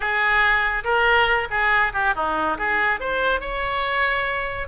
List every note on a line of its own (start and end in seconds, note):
0.00 0.83 G#4
0.84 1.48 A#4
1.50 1.92 G#4
1.93 2.14 G4
2.15 2.57 D#4
2.58 3.00 G#4
3.00 3.40 C5
3.40 4.68 C#5